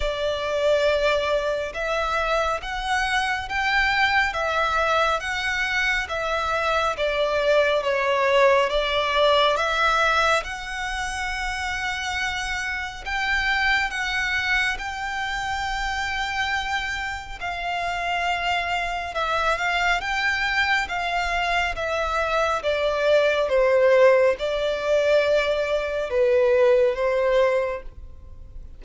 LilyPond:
\new Staff \with { instrumentName = "violin" } { \time 4/4 \tempo 4 = 69 d''2 e''4 fis''4 | g''4 e''4 fis''4 e''4 | d''4 cis''4 d''4 e''4 | fis''2. g''4 |
fis''4 g''2. | f''2 e''8 f''8 g''4 | f''4 e''4 d''4 c''4 | d''2 b'4 c''4 | }